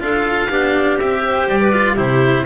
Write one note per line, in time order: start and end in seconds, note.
0.00 0.50 D4
0.00 0.49 F4
0.00 0.50 A4
0.00 0.99 F5
0.50 0.98 B3
0.50 0.99 D4
0.50 1.23 G4
0.99 1.48 C4
0.99 1.73 G4
0.99 1.48 E5
1.25 1.61 C5
1.48 1.97 G3
1.48 1.98 D5
1.61 1.95 B4
1.73 1.97 F4
1.95 2.46 C3
1.95 2.46 E4
1.95 2.43 G4
1.95 2.46 C5